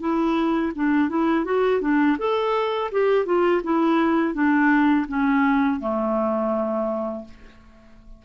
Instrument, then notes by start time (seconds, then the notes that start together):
clarinet
0.00 E4
0.75 D4
1.09 E4
1.45 F#4
1.81 D4
2.18 A4
2.91 G4
3.26 F4
3.63 E4
4.34 D4
5.08 C#4
5.80 A3